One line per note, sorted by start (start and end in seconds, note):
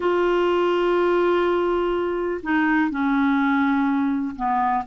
0.00 2.41 F4
2.42 2.90 D#4
2.90 4.35 C#4
4.35 4.84 B3